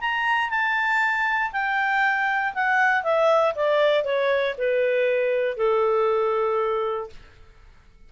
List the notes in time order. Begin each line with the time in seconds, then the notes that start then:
0.00 A#5
0.49 A5
1.52 G5
2.54 F#5
3.03 E5
3.55 D5
4.04 C#5
4.57 B4
5.57 A4